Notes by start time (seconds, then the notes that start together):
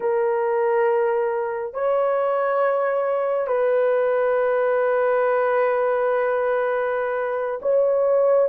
0.00 A#4
1.73 C#5
3.47 B4
7.61 C#5